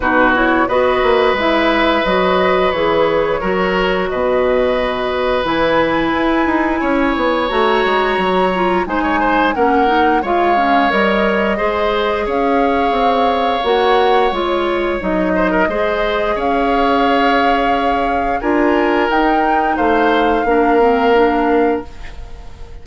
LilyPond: <<
  \new Staff \with { instrumentName = "flute" } { \time 4/4 \tempo 4 = 88 b'8 cis''8 dis''4 e''4 dis''4 | cis''2 dis''2 | gis''2. ais''4~ | ais''4 gis''4 fis''4 f''4 |
dis''2 f''2 | fis''4 cis''4 dis''2 | f''2. gis''4 | g''4 f''2. | }
  \new Staff \with { instrumentName = "oboe" } { \time 4/4 fis'4 b'2.~ | b'4 ais'4 b'2~ | b'2 cis''2~ | cis''4 c''16 cis''16 c''8 ais'4 cis''4~ |
cis''4 c''4 cis''2~ | cis''2~ cis''8 c''16 ais'16 c''4 | cis''2. ais'4~ | ais'4 c''4 ais'2 | }
  \new Staff \with { instrumentName = "clarinet" } { \time 4/4 dis'8 e'8 fis'4 e'4 fis'4 | gis'4 fis'2. | e'2. fis'4~ | fis'8 f'8 dis'4 cis'8 dis'8 f'8 cis'8 |
ais'4 gis'2. | fis'4 f'4 dis'4 gis'4~ | gis'2. f'4 | dis'2 d'8 c'8 d'4 | }
  \new Staff \with { instrumentName = "bassoon" } { \time 4/4 b,4 b8 ais8 gis4 fis4 | e4 fis4 b,2 | e4 e'8 dis'8 cis'8 b8 a8 gis8 | fis4 gis4 ais4 gis4 |
g4 gis4 cis'4 c'4 | ais4 gis4 fis4 gis4 | cis'2. d'4 | dis'4 a4 ais2 | }
>>